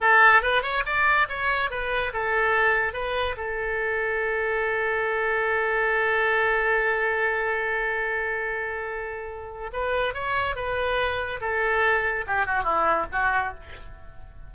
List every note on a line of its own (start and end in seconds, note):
0.00 0.41 A4
0.41 0.62 B4
0.62 0.83 C#5
0.85 1.27 D5
1.28 1.70 C#5
1.70 2.12 B4
2.13 2.93 A4
2.93 3.35 B4
3.36 9.70 A4
9.72 10.14 B4
10.14 10.55 C#5
10.55 11.40 B4
11.40 12.25 A4
12.27 12.46 G4
12.46 12.63 F#4
12.63 13.05 E4
13.12 13.54 F#4